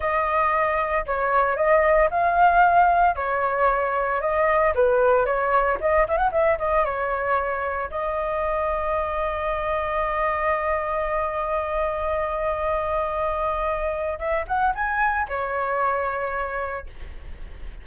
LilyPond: \new Staff \with { instrumentName = "flute" } { \time 4/4 \tempo 4 = 114 dis''2 cis''4 dis''4 | f''2 cis''2 | dis''4 b'4 cis''4 dis''8 e''16 fis''16 | e''8 dis''8 cis''2 dis''4~ |
dis''1~ | dis''1~ | dis''2. e''8 fis''8 | gis''4 cis''2. | }